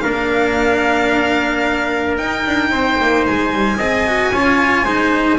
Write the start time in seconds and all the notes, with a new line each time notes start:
0.00 A#3 D4 A#4 F5
2.17 D#4 G5
2.46 D4
2.70 C4 C5
3.01 A#3
3.26 G#3 G#5
3.53 G3
3.76 C4 G#4 D#5
4.07 F#4
4.32 C#4 F4 C#5
4.84 G#3 D#4 C5